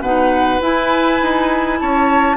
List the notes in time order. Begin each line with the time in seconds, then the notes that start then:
0.00 B2 D#4 B4 F#5
0.61 E4 G#5
1.22 D#4
1.79 C#4 C#5 A5